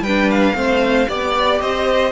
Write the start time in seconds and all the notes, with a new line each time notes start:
0.00 G3 B4 G5
0.06 D4
0.30 F5
0.54 A3 C4 C5
1.08 B3 G4 D5
1.60 C4 C5 D#5